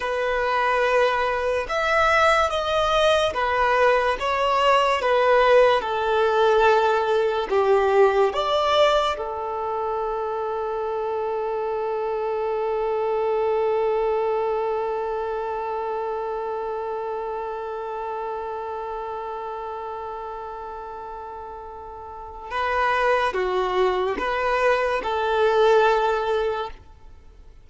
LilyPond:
\new Staff \with { instrumentName = "violin" } { \time 4/4 \tempo 4 = 72 b'2 e''4 dis''4 | b'4 cis''4 b'4 a'4~ | a'4 g'4 d''4 a'4~ | a'1~ |
a'1~ | a'1~ | a'2. b'4 | fis'4 b'4 a'2 | }